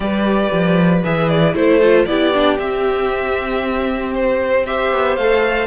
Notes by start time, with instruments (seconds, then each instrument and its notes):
0.00 cello G3, viola G4, violin B4 D5
0.52 cello F3
1.04 cello E3, viola G#4, violin E5
1.28 violin D5
1.54 cello A3, viola E4, violin A4 C5
1.82 viola F4
2.05 cello B3, viola E4, violin G4 D5
2.33 viola D4
2.58 viola C4, cello C4, violin E5
4.14 violin C5
4.65 viola G4, violin C5 E5
4.91 cello B3
5.16 cello A3, viola A4, violin F5